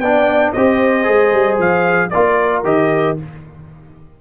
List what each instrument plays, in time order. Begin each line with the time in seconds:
0.00 tuba B3, trombone D4, horn D5, trumpet G5
0.53 tuba C4, trombone G4, horn C5, trumpet D#5
1.04 tuba G#3, trombone G#4
1.34 tuba G3
1.58 tuba F3, trumpet F5
2.10 tuba A#3, trombone F4, horn A#4, trumpet D5
2.64 tuba D#3, trombone G4, trumpet D#5